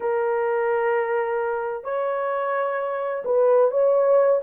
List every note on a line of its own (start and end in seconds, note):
0.00 1.84 A#4
1.84 3.23 C#5
3.25 3.71 B4
3.71 4.40 C#5